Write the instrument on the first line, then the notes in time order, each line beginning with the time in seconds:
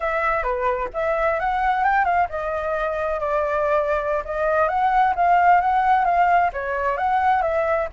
flute
0.00 E5
0.43 B4
0.93 E5
1.39 F#5
1.84 G5
2.04 F5
2.29 D#5
3.20 D5
4.24 D#5
4.68 F#5
5.15 F5
5.60 F#5
6.05 F5
6.52 C#5
6.97 F#5
7.42 E5